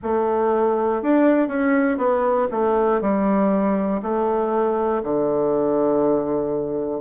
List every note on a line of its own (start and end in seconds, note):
0.02 1.02 A3
1.02 1.48 D4
1.48 1.97 C#4
1.97 2.47 B3
2.51 3.00 A3
3.00 4.00 G3
4.02 5.02 A3
5.03 7.00 D3